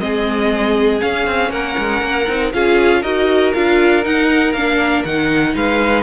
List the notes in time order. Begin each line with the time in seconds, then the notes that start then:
0.00 G#3 C4 G#4 D#5
1.00 C#4 F5
1.26 C4
1.50 A#3 A#4 F#5
1.78 G#3
2.01 A#3
2.28 C4 D#4
2.53 C#4 F4 G#4 F5
3.01 D#4 F#4 A#4 D#5
3.54 D4 F4 F5
4.02 D#4 F#5
4.53 A#3 D4 F5
5.05 D#3 D#4 F#5
5.55 G#3 B4 F5